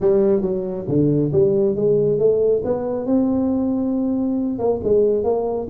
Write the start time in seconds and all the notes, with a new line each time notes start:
0.00 G3
0.41 F#3
0.87 D3
1.32 G3
1.75 G#3
2.18 A3
2.64 B3
3.06 C4
4.58 A#3
4.83 G#3
5.23 A#3